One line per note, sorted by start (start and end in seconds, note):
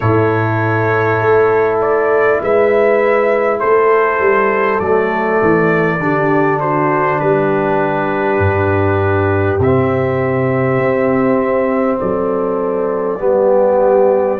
0.00 1.19 A2
0.00 4.80 E4
0.00 2.40 A4
0.00 1.78 C#5
1.19 2.39 A3
1.81 2.41 D5
2.41 3.61 G#3
2.41 3.59 B4
2.41 3.59 E5
3.59 4.19 A3
3.59 5.99 A4
3.59 4.79 C5
4.19 4.79 G3
4.79 5.40 F#3
4.79 5.99 A3
4.79 6.59 D5
5.42 5.99 E3
5.99 7.19 D3
5.99 9.59 D4
5.99 6.60 G4
6.60 7.20 F#4
6.60 7.19 C5
7.19 8.38 G3
7.19 12.00 G4
7.19 9.59 B4
8.38 9.58 G2
9.58 10.78 C3
9.58 13.18 C4
9.58 11.99 E5
10.78 11.98 C4
11.99 13.19 F#3
11.99 13.21 A4
11.99 14.39 D5
13.18 14.39 G3
13.18 14.38 B3
13.18 14.39 G4